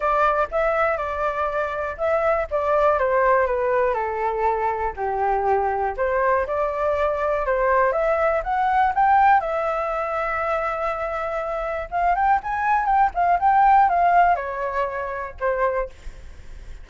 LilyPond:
\new Staff \with { instrumentName = "flute" } { \time 4/4 \tempo 4 = 121 d''4 e''4 d''2 | e''4 d''4 c''4 b'4 | a'2 g'2 | c''4 d''2 c''4 |
e''4 fis''4 g''4 e''4~ | e''1 | f''8 g''8 gis''4 g''8 f''8 g''4 | f''4 cis''2 c''4 | }